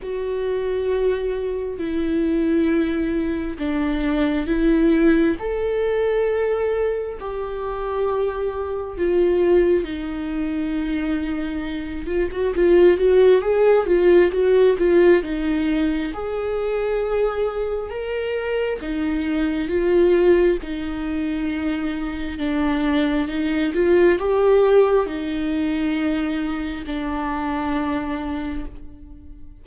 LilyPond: \new Staff \with { instrumentName = "viola" } { \time 4/4 \tempo 4 = 67 fis'2 e'2 | d'4 e'4 a'2 | g'2 f'4 dis'4~ | dis'4. f'16 fis'16 f'8 fis'8 gis'8 f'8 |
fis'8 f'8 dis'4 gis'2 | ais'4 dis'4 f'4 dis'4~ | dis'4 d'4 dis'8 f'8 g'4 | dis'2 d'2 | }